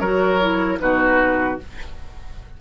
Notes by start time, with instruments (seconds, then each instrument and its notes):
0.00 bassoon F#3, clarinet F#4, oboe A#4, flute C#5
0.41 clarinet E4
0.79 bassoon B2, clarinet D#4, oboe F#4, flute B4